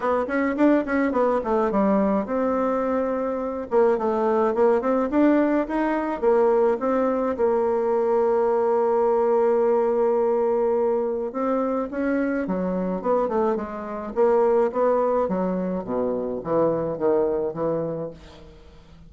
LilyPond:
\new Staff \with { instrumentName = "bassoon" } { \time 4/4 \tempo 4 = 106 b8 cis'8 d'8 cis'8 b8 a8 g4 | c'2~ c'8 ais8 a4 | ais8 c'8 d'4 dis'4 ais4 | c'4 ais2.~ |
ais1 | c'4 cis'4 fis4 b8 a8 | gis4 ais4 b4 fis4 | b,4 e4 dis4 e4 | }